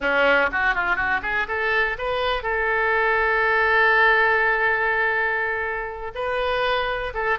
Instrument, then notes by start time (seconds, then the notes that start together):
oboe
0.00 C#4
0.52 F#4
0.75 F4
0.96 F#4
1.22 G#4
1.48 A4
1.98 B4
2.43 A4
6.15 B4
7.14 A4